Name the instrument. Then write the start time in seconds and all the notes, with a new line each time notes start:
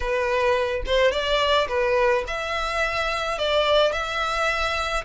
violin
0.00 B4
0.86 C5
1.11 D5
1.68 B4
2.27 E5
3.38 D5
3.92 E5